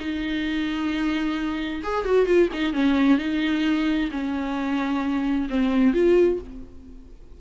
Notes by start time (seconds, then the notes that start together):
0.00 D#4
1.83 G#4
2.05 F#4
2.26 F4
2.53 D#4
2.74 C#4
3.18 D#4
4.11 C#4
5.50 C4
5.94 F4